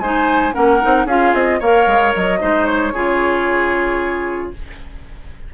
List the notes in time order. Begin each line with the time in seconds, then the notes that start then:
0.00 G#3 D#4 C5 G#5
0.53 A#3 C#4 A#4 F#5
0.82 C4 D#4
1.06 C#4 F4 G#4 F5
1.34 C4 D#5
1.60 A#3 A#4 C#5 F5
1.87 G#3
2.16 F#3 D#5
2.40 G#3 D#4 C5
2.66 C#5
2.93 C#3 F4 G#4